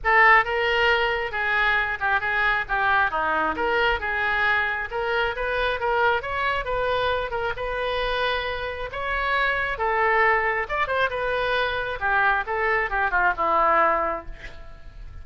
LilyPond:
\new Staff \with { instrumentName = "oboe" } { \time 4/4 \tempo 4 = 135 a'4 ais'2 gis'4~ | gis'8 g'8 gis'4 g'4 dis'4 | ais'4 gis'2 ais'4 | b'4 ais'4 cis''4 b'4~ |
b'8 ais'8 b'2. | cis''2 a'2 | d''8 c''8 b'2 g'4 | a'4 g'8 f'8 e'2 | }